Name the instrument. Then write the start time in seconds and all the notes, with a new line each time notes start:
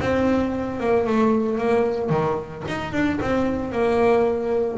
double bass
0.00 C4
0.80 A#3
1.07 A3
1.58 A#3
2.10 D#3
2.68 D#4
2.92 D4
3.21 C4
3.72 A#3